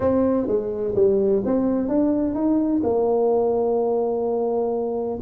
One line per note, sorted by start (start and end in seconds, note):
0.00 0.47 C4
0.47 0.94 G#3
0.95 1.42 G3
1.45 1.88 C4
1.88 2.35 D4
2.35 2.82 D#4
2.83 5.19 A#3